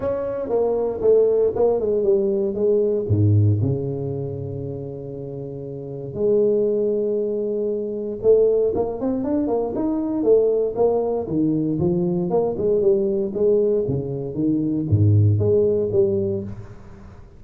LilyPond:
\new Staff \with { instrumentName = "tuba" } { \time 4/4 \tempo 4 = 117 cis'4 ais4 a4 ais8 gis8 | g4 gis4 gis,4 cis4~ | cis1 | gis1 |
a4 ais8 c'8 d'8 ais8 dis'4 | a4 ais4 dis4 f4 | ais8 gis8 g4 gis4 cis4 | dis4 gis,4 gis4 g4 | }